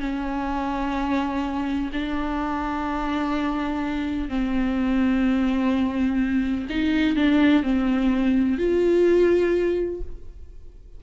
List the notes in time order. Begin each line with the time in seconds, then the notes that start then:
0.00 C#4
1.93 D4
4.29 C4
6.70 D#4
7.16 D4
7.63 C4
8.58 F4